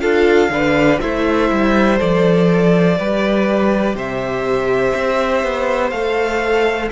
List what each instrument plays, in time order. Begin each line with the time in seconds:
0.00 cello D4, viola F4, violin A4 F5
0.49 cello D3, viola D4, violin B4
1.00 cello A3, viola E4, violin C5 E5
1.50 cello G3
1.98 cello F3, viola A4, violin D5
2.98 cello G3, viola G4, violin B4
3.94 cello C3, violin C5 E5
4.94 cello C4
5.43 cello B3
5.90 cello A3, viola A4, violin F5